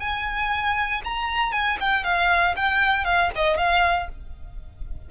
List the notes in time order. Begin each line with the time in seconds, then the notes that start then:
0.00 G#5
1.04 A#5
1.52 G#5
1.80 G5
2.04 F5
2.57 G5
3.05 F5
3.36 D#5
3.58 F5